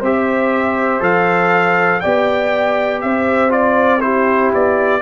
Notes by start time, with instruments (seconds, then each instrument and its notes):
0.00 tuba C4, trombone G4, horn C5, trumpet E5
1.00 tuba F3, trombone A4, trumpet F5
2.00 tuba B3, trombone G4, horn D5, trumpet G5
3.01 tuba C4, horn C5, trumpet E5
3.49 trombone F4, trumpet D5
4.00 trombone E4, horn G4, trumpet C5
4.54 tuba B3, trumpet D5